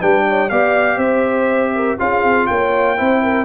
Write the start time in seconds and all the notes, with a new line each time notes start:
0.00 G3 D4 B4 G5
0.28 C#5
0.50 B3 G4 D5 F5
0.97 C4 C5 E5
1.75 A#4
1.99 C#4 F4 G#4 F5
2.24 C4
2.47 A#3 C#5 G5
2.98 C4 E4 C5
3.23 A#4